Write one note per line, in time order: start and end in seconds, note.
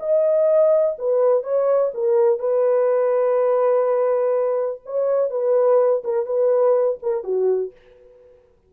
0.00 0.97 D#5
0.99 1.43 B4
1.43 1.92 C#5
1.94 2.40 A#4
2.40 4.81 B4
4.86 5.31 C#5
5.31 6.03 B4
6.04 6.26 A#4
6.26 6.99 B4
7.03 7.24 A#4
7.24 7.72 F#4